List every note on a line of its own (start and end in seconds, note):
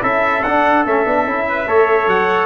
0.00 0.43 C#4
0.00 0.41 E4
0.00 1.46 A4
0.00 0.42 E5
0.42 0.85 D4
0.42 0.86 D4
0.42 0.84 F#5
0.85 1.05 A3
0.85 1.05 C#4
0.85 2.08 E5
1.05 1.25 B3
1.05 1.26 D4
1.25 1.66 C#4
1.25 1.67 E4
1.48 1.68 B4
1.67 2.07 A3
1.67 2.46 A4
1.67 2.46 C#5
2.07 2.46 F#3
2.07 2.46 F#5